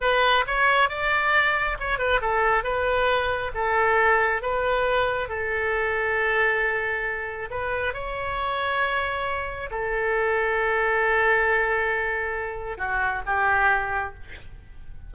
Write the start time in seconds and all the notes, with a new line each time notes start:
0.00 B4
0.46 C#5
0.89 D5
1.79 C#5
1.98 B4
2.21 A4
2.63 B4
3.54 A4
4.42 B4
5.28 A4
7.50 B4
7.93 C#5
9.70 A4
12.77 F#4
13.26 G4